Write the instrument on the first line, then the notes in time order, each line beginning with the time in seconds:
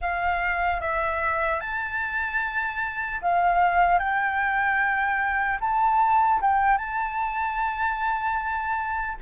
flute
0.01 F5
0.80 E5
1.60 A5
3.21 F5
3.99 G5
5.60 A5
6.41 G5
6.77 A5